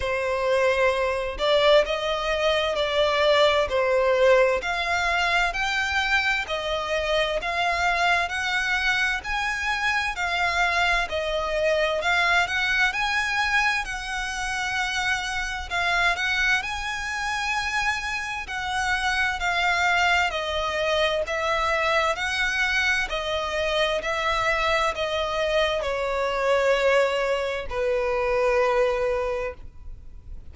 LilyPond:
\new Staff \with { instrumentName = "violin" } { \time 4/4 \tempo 4 = 65 c''4. d''8 dis''4 d''4 | c''4 f''4 g''4 dis''4 | f''4 fis''4 gis''4 f''4 | dis''4 f''8 fis''8 gis''4 fis''4~ |
fis''4 f''8 fis''8 gis''2 | fis''4 f''4 dis''4 e''4 | fis''4 dis''4 e''4 dis''4 | cis''2 b'2 | }